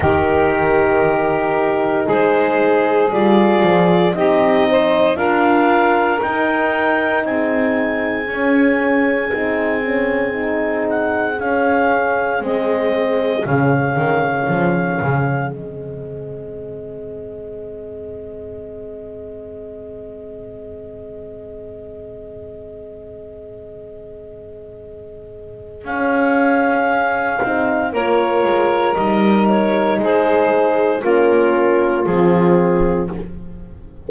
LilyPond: <<
  \new Staff \with { instrumentName = "clarinet" } { \time 4/4 \tempo 4 = 58 ais'2 c''4 d''4 | dis''4 f''4 g''4 gis''4~ | gis''2~ gis''8 fis''8 f''4 | dis''4 f''2 dis''4~ |
dis''1~ | dis''1~ | dis''4 f''2 cis''4 | dis''8 cis''8 c''4 ais'4 gis'4 | }
  \new Staff \with { instrumentName = "saxophone" } { \time 4/4 g'2 gis'2 | g'8 c''8 ais'2 gis'4~ | gis'1~ | gis'1~ |
gis'1~ | gis'1~ | gis'2. ais'4~ | ais'4 gis'4 f'2 | }
  \new Staff \with { instrumentName = "horn" } { \time 4/4 dis'2. f'4 | dis'4 f'4 dis'2 | cis'4 dis'8 cis'8 dis'4 cis'4 | c'4 cis'2 c'4~ |
c'1~ | c'1~ | c'4 cis'4. dis'8 f'4 | dis'2 cis'4 c'4 | }
  \new Staff \with { instrumentName = "double bass" } { \time 4/4 dis2 gis4 g8 f8 | c'4 d'4 dis'4 c'4 | cis'4 c'2 cis'4 | gis4 cis8 dis8 f8 cis8 gis4~ |
gis1~ | gis1~ | gis4 cis'4. c'8 ais8 gis8 | g4 gis4 ais4 f4 | }
>>